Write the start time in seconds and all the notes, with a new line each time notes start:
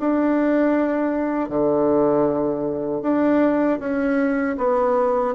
0.00 D4
1.50 D3
3.02 D4
3.80 C#4
4.58 B3